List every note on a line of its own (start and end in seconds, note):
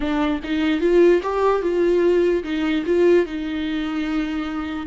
0.00 0.40 D4
0.43 0.80 D#4
0.80 1.21 F4
1.22 1.62 G4
1.62 2.43 F4
2.43 2.84 D#4
2.86 3.26 F4
3.26 4.86 D#4